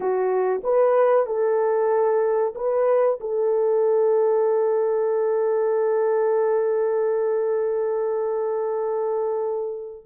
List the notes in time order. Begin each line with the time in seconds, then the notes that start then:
0.00 F#4
0.63 B4
1.26 A4
2.55 B4
3.20 A4